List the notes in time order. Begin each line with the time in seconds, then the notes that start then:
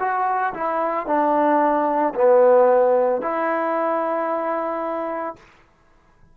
0.00 F#4
0.54 E4
1.07 D4
2.15 B3
3.22 E4